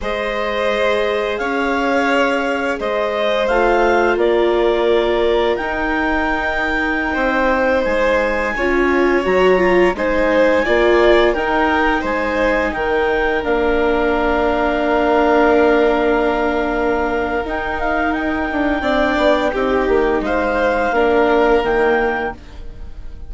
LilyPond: <<
  \new Staff \with { instrumentName = "clarinet" } { \time 4/4 \tempo 4 = 86 dis''2 f''2 | dis''4 f''4 d''2 | g''2.~ g''16 gis''8.~ | gis''4~ gis''16 ais''4 gis''4.~ gis''16~ |
gis''16 g''4 gis''4 g''4 f''8.~ | f''1~ | f''4 g''8 f''8 g''2~ | g''4 f''2 g''4 | }
  \new Staff \with { instrumentName = "violin" } { \time 4/4 c''2 cis''2 | c''2 ais'2~ | ais'2~ ais'16 c''4.~ c''16~ | c''16 cis''2 c''4 d''8.~ |
d''16 ais'4 c''4 ais'4.~ ais'16~ | ais'1~ | ais'2. d''4 | g'4 c''4 ais'2 | }
  \new Staff \with { instrumentName = "viola" } { \time 4/4 gis'1~ | gis'4 f'2. | dis'1~ | dis'16 f'4 fis'8 f'8 dis'4 f'8.~ |
f'16 dis'2. d'8.~ | d'1~ | d'4 dis'2 d'4 | dis'2 d'4 ais4 | }
  \new Staff \with { instrumentName = "bassoon" } { \time 4/4 gis2 cis'2 | gis4 a4 ais2 | dis'2~ dis'16 c'4 gis8.~ | gis16 cis'4 fis4 gis4 ais8.~ |
ais16 dis'4 gis4 dis4 ais8.~ | ais1~ | ais4 dis'4. d'8 c'8 b8 | c'8 ais8 gis4 ais4 dis4 | }
>>